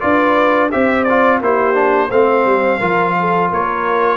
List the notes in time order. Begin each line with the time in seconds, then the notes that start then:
0.00 D4 F4 B4 D5
0.71 C4 G4 C5 E5
1.04 F4 D5
1.40 A#3 E4 G4 C5
1.74 D4
2.09 A3 C4 C5 F5
2.45 G3
2.79 F3 F4 A#4
3.19 A4
3.50 A#3 A#4 C#5